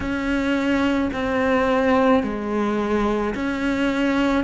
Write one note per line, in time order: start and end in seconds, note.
0.00 1.10 C#4
1.13 2.23 C4
2.23 3.34 G#3
3.34 4.44 C#4